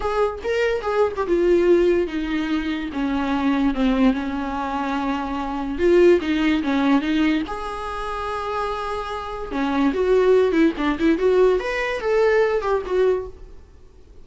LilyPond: \new Staff \with { instrumentName = "viola" } { \time 4/4 \tempo 4 = 145 gis'4 ais'4 gis'8. g'16 f'4~ | f'4 dis'2 cis'4~ | cis'4 c'4 cis'2~ | cis'2 f'4 dis'4 |
cis'4 dis'4 gis'2~ | gis'2. cis'4 | fis'4. e'8 d'8 e'8 fis'4 | b'4 a'4. g'8 fis'4 | }